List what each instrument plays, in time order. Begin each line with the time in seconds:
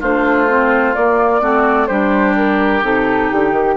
0.00 bassoon A3, clarinet D4, oboe F4, flute C5
0.48 clarinet C4
0.95 clarinet A#3, bassoon A#3, flute D5
1.41 bassoon A3, clarinet C4, oboe F#4
1.87 bassoon G3, clarinet D4, oboe G4, flute C5
2.36 flute A#4
2.82 bassoon C3, clarinet D#4, flute A4
3.31 bassoon D3, flute G4
3.51 bassoon D#3